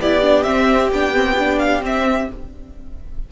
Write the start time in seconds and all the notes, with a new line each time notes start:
0.00 B3 E4 G4 D5
0.22 D4
0.43 C4 E5
0.91 B3 D4 G5
1.14 C4
1.38 D4
1.59 F5
1.81 C4 E5